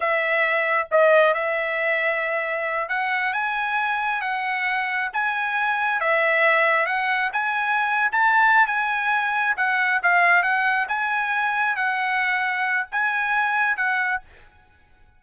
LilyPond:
\new Staff \with { instrumentName = "trumpet" } { \time 4/4 \tempo 4 = 135 e''2 dis''4 e''4~ | e''2~ e''8 fis''4 gis''8~ | gis''4. fis''2 gis''8~ | gis''4. e''2 fis''8~ |
fis''8 gis''4.~ gis''16 a''4~ a''16 gis''8~ | gis''4. fis''4 f''4 fis''8~ | fis''8 gis''2 fis''4.~ | fis''4 gis''2 fis''4 | }